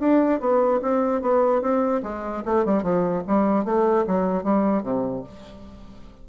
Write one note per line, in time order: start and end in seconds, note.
0.00 0.40 D4
0.40 0.81 B3
0.82 1.22 C4
1.22 1.62 B3
1.62 2.02 C4
2.03 2.43 G#3
2.45 2.66 A3
2.66 2.83 G3
2.83 3.23 F3
3.27 3.65 G3
3.65 4.05 A3
4.07 4.44 F#3
4.44 4.83 G3
4.83 5.23 C3